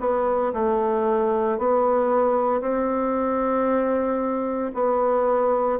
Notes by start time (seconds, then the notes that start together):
0.00 B3
0.53 A3
1.58 B3
2.61 C4
4.74 B3